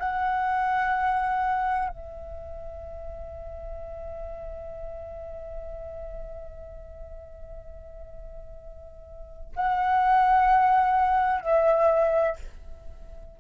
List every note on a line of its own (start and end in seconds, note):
0.00 1.89 F#5
1.89 9.51 E5
9.56 11.41 F#5
11.41 12.36 E5